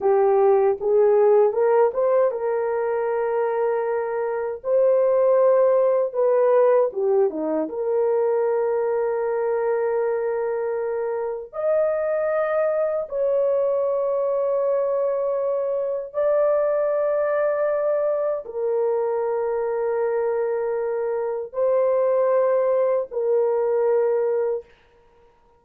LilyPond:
\new Staff \with { instrumentName = "horn" } { \time 4/4 \tempo 4 = 78 g'4 gis'4 ais'8 c''8 ais'4~ | ais'2 c''2 | b'4 g'8 dis'8 ais'2~ | ais'2. dis''4~ |
dis''4 cis''2.~ | cis''4 d''2. | ais'1 | c''2 ais'2 | }